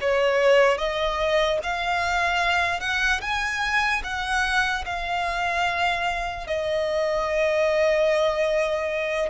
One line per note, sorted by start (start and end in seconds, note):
0.00 0.77 C#5
0.77 1.58 D#5
1.63 2.80 F5
2.80 3.20 F#5
3.21 4.02 G#5
4.03 4.84 F#5
4.85 6.47 F5
6.47 9.29 D#5